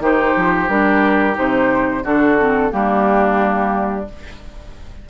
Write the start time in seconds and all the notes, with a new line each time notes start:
0.00 D#3 D#4 G4 C5
0.37 F3
0.69 G3 D4 A#4
1.34 C3 D#4 C5
2.04 D3 D4 F#4 A4
2.39 C4
2.71 G3 A#3 D4 G4